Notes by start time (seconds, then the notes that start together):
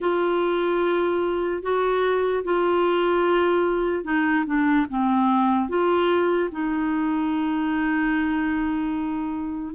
0.00 F4
1.62 F#4
2.44 F4
4.04 D#4
4.46 D4
4.89 C4
5.68 F4
6.51 D#4